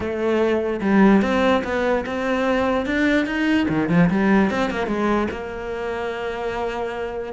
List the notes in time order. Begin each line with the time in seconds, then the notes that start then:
0.00 A3
0.81 G3
1.22 C4
1.64 B3
2.06 C4
2.86 D4
3.26 D#4
3.68 D#3
3.89 F3
4.10 G3
4.50 C4
4.70 A#3
4.87 G#3
5.30 A#3